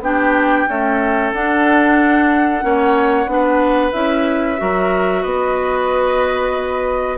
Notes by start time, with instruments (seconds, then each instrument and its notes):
0.00 bassoon B3, clarinet D4, oboe G4, flute G5
0.68 clarinet A3, bassoon C#4, oboe A4
1.33 bassoon D4, clarinet D4, flute F#5
2.61 bassoon A#3, clarinet C#4, oboe C#5
3.27 bassoon B3, clarinet D4, oboe B4
3.93 bassoon C#4, clarinet E4, flute E5
4.57 bassoon F#3, clarinet F#4, oboe A#4
5.22 bassoon B3, oboe B4, flute D#5